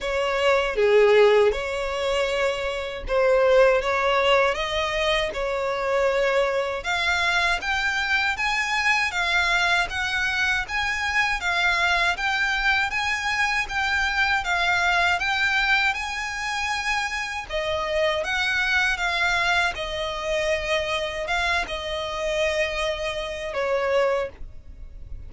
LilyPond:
\new Staff \with { instrumentName = "violin" } { \time 4/4 \tempo 4 = 79 cis''4 gis'4 cis''2 | c''4 cis''4 dis''4 cis''4~ | cis''4 f''4 g''4 gis''4 | f''4 fis''4 gis''4 f''4 |
g''4 gis''4 g''4 f''4 | g''4 gis''2 dis''4 | fis''4 f''4 dis''2 | f''8 dis''2~ dis''8 cis''4 | }